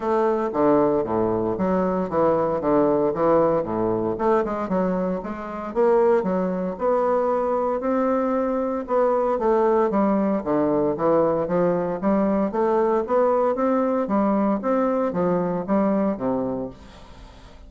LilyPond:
\new Staff \with { instrumentName = "bassoon" } { \time 4/4 \tempo 4 = 115 a4 d4 a,4 fis4 | e4 d4 e4 a,4 | a8 gis8 fis4 gis4 ais4 | fis4 b2 c'4~ |
c'4 b4 a4 g4 | d4 e4 f4 g4 | a4 b4 c'4 g4 | c'4 f4 g4 c4 | }